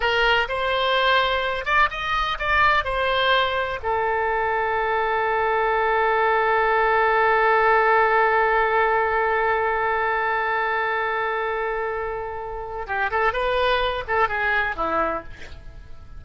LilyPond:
\new Staff \with { instrumentName = "oboe" } { \time 4/4 \tempo 4 = 126 ais'4 c''2~ c''8 d''8 | dis''4 d''4 c''2 | a'1~ | a'1~ |
a'1~ | a'1~ | a'2. g'8 a'8 | b'4. a'8 gis'4 e'4 | }